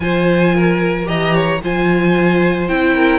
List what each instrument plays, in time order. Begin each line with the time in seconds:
0.00 cello F3, viola F4, violin C5 G#5
0.55 violin A#4
1.04 cello E3, viola G4, violin D#5 A#5
1.34 violin C#5
1.62 cello F3, viola F4, violin C5 G#5
2.68 cello C4, viola E4, violin G5
2.94 violin A#4